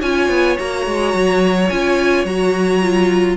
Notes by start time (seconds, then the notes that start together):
0.00 C#4 F4 C#5 G#5
0.29 B3
0.57 A#3 F#4 A#5
0.87 G#3
1.14 F#3
1.69 C#4 F4 G#5
2.25 F#3 F#4 A#5
2.82 F4